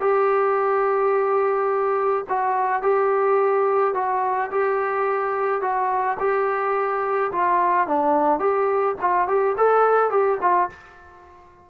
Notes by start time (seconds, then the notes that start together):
0.00 G4
2.29 F#4
2.82 G4
3.94 F#4
4.51 G4
5.61 F#4
6.19 G4
7.31 F4
7.87 D4
8.39 G4
9.01 F4
9.27 G4
9.57 A4
10.10 G4
10.41 F4